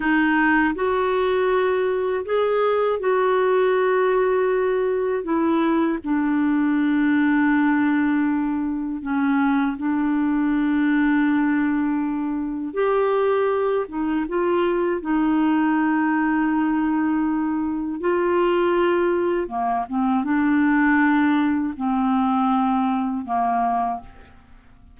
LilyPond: \new Staff \with { instrumentName = "clarinet" } { \time 4/4 \tempo 4 = 80 dis'4 fis'2 gis'4 | fis'2. e'4 | d'1 | cis'4 d'2.~ |
d'4 g'4. dis'8 f'4 | dis'1 | f'2 ais8 c'8 d'4~ | d'4 c'2 ais4 | }